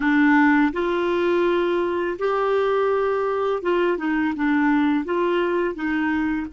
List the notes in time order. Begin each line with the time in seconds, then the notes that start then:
0.00 D4
0.72 F4
2.18 G4
3.62 F4
3.97 D#4
4.35 D4
5.04 F4
5.74 D#4